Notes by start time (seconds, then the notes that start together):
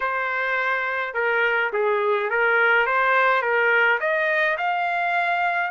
0.00 C5
1.14 A#4
1.72 G#4
2.30 A#4
2.86 C5
3.41 A#4
4.00 D#5
4.57 F5